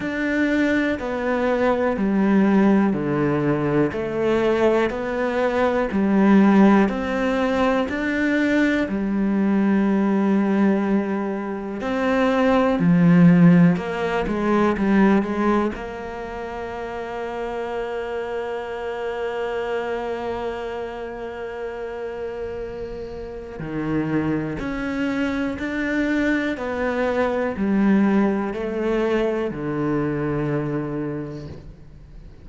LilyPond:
\new Staff \with { instrumentName = "cello" } { \time 4/4 \tempo 4 = 61 d'4 b4 g4 d4 | a4 b4 g4 c'4 | d'4 g2. | c'4 f4 ais8 gis8 g8 gis8 |
ais1~ | ais1 | dis4 cis'4 d'4 b4 | g4 a4 d2 | }